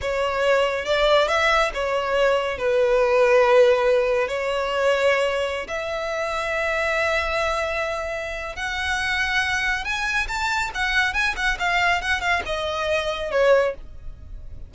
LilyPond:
\new Staff \with { instrumentName = "violin" } { \time 4/4 \tempo 4 = 140 cis''2 d''4 e''4 | cis''2 b'2~ | b'2 cis''2~ | cis''4~ cis''16 e''2~ e''8.~ |
e''1 | fis''2. gis''4 | a''4 fis''4 gis''8 fis''8 f''4 | fis''8 f''8 dis''2 cis''4 | }